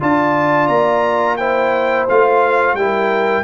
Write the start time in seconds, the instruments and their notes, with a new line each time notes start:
0.00 tuba D4, trombone F4, horn D5, trumpet A5
0.67 tuba A#3, trumpet A#5
1.36 trombone E4, horn C5, trumpet G5
2.08 tuba A3, trombone F4, trumpet F5
2.74 tuba G3, trombone E4, horn A#4, trumpet G5